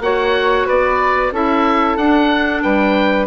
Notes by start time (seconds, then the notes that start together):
0.00 A#3 F#4 C#5 F#5
0.66 B3 B4 D5
1.31 C#4 E4 A4 E5
1.96 D4 F#5
2.62 G3 B4 G5